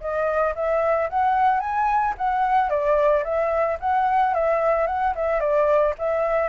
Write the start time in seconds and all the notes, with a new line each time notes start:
0.00 D#5
0.55 E5
1.09 F#5
1.60 G#5
2.17 F#5
2.69 D5
3.23 E5
3.79 F#5
4.34 E5
4.86 F#5
5.15 E5
5.40 D5
5.98 E5